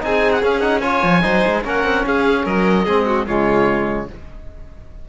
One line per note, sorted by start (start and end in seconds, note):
0.00 0.42 C4
0.00 0.41 D#4
0.00 0.81 G#4
0.00 0.32 G#5
0.32 0.42 F#5
0.42 0.61 C#4
0.42 1.03 C#4
0.42 0.60 F5
0.60 0.81 D#4
0.60 0.80 F#5
0.80 1.21 F4
0.80 1.22 C#5
0.80 1.61 G#5
1.03 1.23 F3
1.21 1.45 F#3
1.21 1.62 D#4
1.21 1.63 C5
1.46 1.64 G#3
1.64 1.84 A#3
1.64 2.86 C#4
1.64 2.05 A#4
1.64 2.06 F#5
1.84 2.04 C4
2.06 2.45 C#4
2.06 2.45 G#4
2.06 2.46 F5
2.45 2.86 F#3
2.45 2.84 A#4
2.45 3.27 D#5
2.84 3.27 G#3
2.84 3.26 C4
2.84 3.05 G#4
3.05 3.26 F#4
3.26 4.09 C#3
3.26 4.08 G#3
3.26 4.07 F4
3.26 4.08 C#5